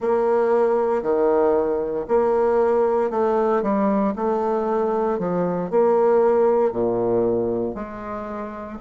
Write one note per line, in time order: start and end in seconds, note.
0.00 1.02 A#3
1.02 2.05 D#3
2.07 3.10 A#3
3.10 3.62 A3
3.62 4.14 G3
4.15 5.18 A3
5.18 5.70 F3
5.70 6.72 A#3
6.72 7.74 A#2
7.74 8.78 G#3